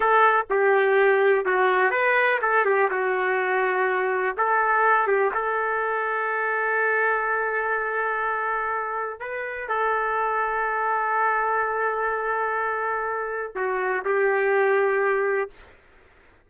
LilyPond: \new Staff \with { instrumentName = "trumpet" } { \time 4/4 \tempo 4 = 124 a'4 g'2 fis'4 | b'4 a'8 g'8 fis'2~ | fis'4 a'4. g'8 a'4~ | a'1~ |
a'2. b'4 | a'1~ | a'1 | fis'4 g'2. | }